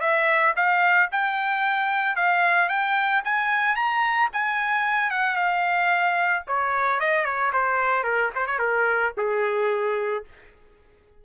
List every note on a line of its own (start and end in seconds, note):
0.00 0.54 E5
0.56 1.09 F5
1.11 2.16 G5
2.16 2.69 F5
2.69 3.22 G5
3.24 3.75 G#5
3.75 4.29 A#5
4.32 5.10 G#5
5.10 5.35 F#5
5.35 6.43 F5
6.47 6.99 C#5
6.99 7.24 D#5
7.24 7.51 C#5
7.52 8.03 C5
8.03 8.30 A#4
8.35 8.46 C5
8.46 8.58 C#5
8.58 9.12 A#4
9.17 10.24 G#4